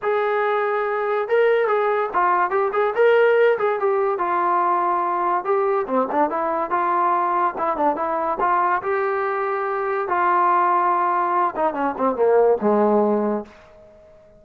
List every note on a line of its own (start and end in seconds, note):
0.02 1.28 G#4
1.28 1.67 A#4
1.67 2.09 G#4
2.13 2.50 F4
2.50 2.71 G4
2.73 2.94 G#4
2.95 3.58 A#4
3.58 3.79 G#4
3.79 4.18 G4
4.18 5.44 F4
5.44 5.86 G4
5.87 6.08 C4
6.11 6.30 D4
6.30 6.70 E4
6.70 7.54 F4
7.57 7.76 E4
7.76 7.96 D4
7.96 8.38 E4
8.40 8.82 F4
8.82 10.08 G4
10.08 11.55 F4
11.56 11.73 D#4
11.73 11.94 C#4
11.97 12.15 C4
12.15 12.57 A#3
12.61 13.45 G#3